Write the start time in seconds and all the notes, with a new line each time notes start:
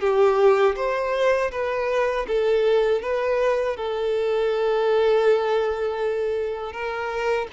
0.00 G4
0.76 C5
1.51 B4
2.27 A4
3.01 B4
3.76 A4
6.72 A#4